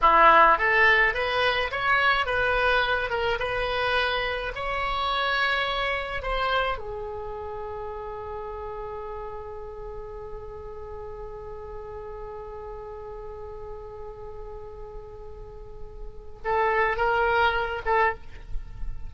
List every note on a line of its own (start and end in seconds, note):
0.01 0.58 E4
0.58 1.14 A4
1.14 1.70 B4
1.71 2.26 C#5
2.26 3.10 B4
3.10 3.38 A#4
3.39 4.52 B4
4.55 6.22 C#5
6.22 6.78 C5
6.78 16.40 G#4
16.44 16.96 A4
16.96 17.81 A#4
17.85 18.14 A4